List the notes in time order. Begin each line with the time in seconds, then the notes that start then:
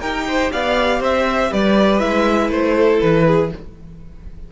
0.00 D#4 G4 A#4 G5
0.28 C5
0.53 B3 D5 F5
1.00 C4 C5 E5
1.51 G3 B4 D5
1.99 G#3 E4 E5
2.50 A3 C5
2.77 A4
3.01 E3 B4
3.27 G#4